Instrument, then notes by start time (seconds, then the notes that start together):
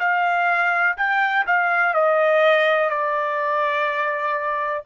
trumpet
0.00 F5
0.98 G5
1.47 F5
1.94 D#5
2.90 D5